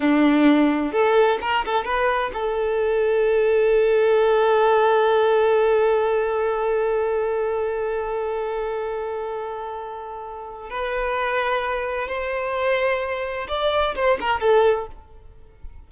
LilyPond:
\new Staff \with { instrumentName = "violin" } { \time 4/4 \tempo 4 = 129 d'2 a'4 ais'8 a'8 | b'4 a'2.~ | a'1~ | a'1~ |
a'1~ | a'2. b'4~ | b'2 c''2~ | c''4 d''4 c''8 ais'8 a'4 | }